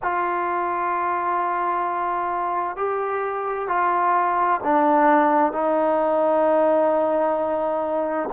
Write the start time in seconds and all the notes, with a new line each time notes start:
0.02 F4
2.76 G4
3.68 F4
4.63 D4
5.52 D#4